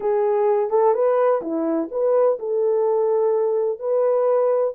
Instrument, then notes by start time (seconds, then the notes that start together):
horn
0.00 G#4
0.70 A4
0.94 B4
1.41 E4
1.91 B4
2.39 A4
3.79 B4